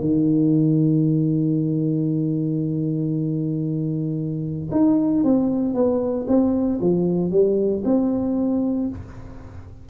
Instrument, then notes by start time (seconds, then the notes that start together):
tuba
0.00 D#3
4.71 D#4
5.24 C4
5.74 B3
6.28 C4
6.80 F3
7.31 G3
7.85 C4